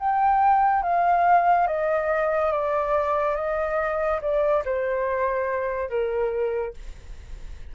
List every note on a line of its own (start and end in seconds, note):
0.00 0.83 G5
0.83 1.67 F5
1.67 2.52 D#5
2.52 3.36 D5
3.36 4.21 D#5
4.22 4.64 D5
4.65 5.90 C5
5.90 6.74 A#4